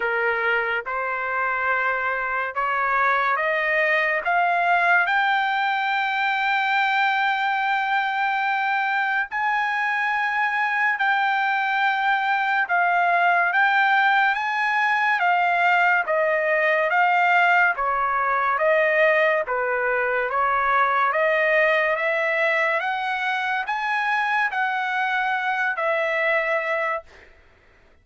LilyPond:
\new Staff \with { instrumentName = "trumpet" } { \time 4/4 \tempo 4 = 71 ais'4 c''2 cis''4 | dis''4 f''4 g''2~ | g''2. gis''4~ | gis''4 g''2 f''4 |
g''4 gis''4 f''4 dis''4 | f''4 cis''4 dis''4 b'4 | cis''4 dis''4 e''4 fis''4 | gis''4 fis''4. e''4. | }